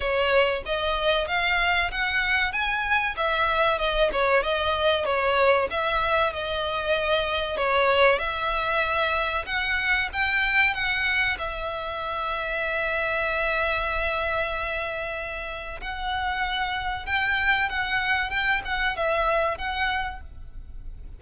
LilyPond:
\new Staff \with { instrumentName = "violin" } { \time 4/4 \tempo 4 = 95 cis''4 dis''4 f''4 fis''4 | gis''4 e''4 dis''8 cis''8 dis''4 | cis''4 e''4 dis''2 | cis''4 e''2 fis''4 |
g''4 fis''4 e''2~ | e''1~ | e''4 fis''2 g''4 | fis''4 g''8 fis''8 e''4 fis''4 | }